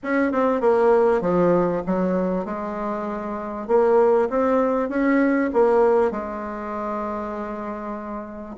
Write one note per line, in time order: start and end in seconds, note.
0.03 0.32 C#4
0.32 0.61 C4
0.61 1.21 A#3
1.21 1.82 F3
1.86 2.45 F#3
2.45 3.67 G#3
3.67 4.29 A#3
4.29 4.89 C4
4.89 5.50 C#4
5.53 6.11 A#3
6.11 8.56 G#3